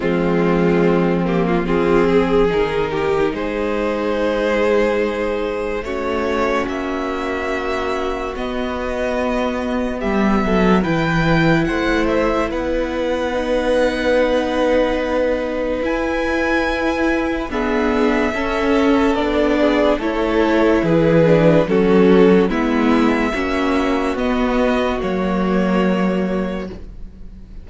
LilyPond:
<<
  \new Staff \with { instrumentName = "violin" } { \time 4/4 \tempo 4 = 72 f'4. g'16 f'16 gis'4 ais'4 | c''2. cis''4 | e''2 dis''2 | e''4 g''4 fis''8 e''8 fis''4~ |
fis''2. gis''4~ | gis''4 e''2 d''4 | cis''4 b'4 a'4 e''4~ | e''4 dis''4 cis''2 | }
  \new Staff \with { instrumentName = "violin" } { \time 4/4 c'2 f'8 gis'4 g'8 | gis'2. fis'4~ | fis'1 | g'8 a'8 b'4 c''4 b'4~ |
b'1~ | b'4 gis'4 a'4. gis'8 | a'4 gis'4 fis'4 e'4 | fis'1 | }
  \new Staff \with { instrumentName = "viola" } { \time 4/4 gis4. ais8 c'4 dis'4~ | dis'2. cis'4~ | cis'2 b2~ | b4 e'2. |
dis'2. e'4~ | e'4 b4 cis'4 d'4 | e'4. d'8 cis'4 b4 | cis'4 b4 ais2 | }
  \new Staff \with { instrumentName = "cello" } { \time 4/4 f2. dis4 | gis2. a4 | ais2 b2 | g8 fis8 e4 a4 b4~ |
b2. e'4~ | e'4 d'4 cis'4 b4 | a4 e4 fis4 gis4 | ais4 b4 fis2 | }
>>